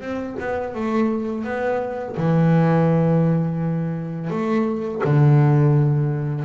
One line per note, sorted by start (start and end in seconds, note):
0.00 0.36 C4
0.40 0.74 B3
0.74 1.44 A3
1.44 2.15 B3
2.17 4.30 E3
4.30 5.01 A3
5.04 6.44 D3